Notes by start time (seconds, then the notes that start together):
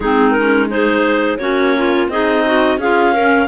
0.00 G#3 C4 D#4 G#4
0.31 A#4
0.38 C#4
0.68 D#4 G#4 C5
1.37 A#3 C#4 F#4 C#5
1.76 F4
2.08 C4 D#4 G#4 D#5
2.45 F#4
2.77 C#4 F4 G#4 F5
3.12 C#4 A#4